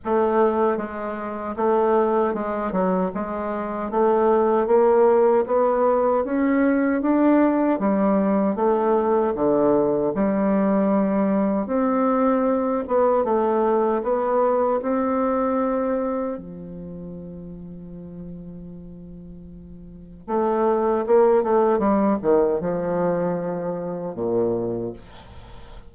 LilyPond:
\new Staff \with { instrumentName = "bassoon" } { \time 4/4 \tempo 4 = 77 a4 gis4 a4 gis8 fis8 | gis4 a4 ais4 b4 | cis'4 d'4 g4 a4 | d4 g2 c'4~ |
c'8 b8 a4 b4 c'4~ | c'4 f2.~ | f2 a4 ais8 a8 | g8 dis8 f2 ais,4 | }